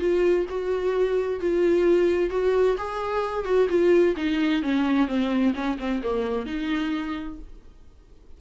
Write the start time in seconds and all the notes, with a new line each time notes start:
0.00 F4
0.50 F#4
1.41 F4
2.31 F#4
2.78 G#4
3.45 F#4
3.69 F4
4.17 D#4
4.63 C#4
5.08 C4
5.55 C#4
5.79 C4
6.04 A#3
6.46 D#4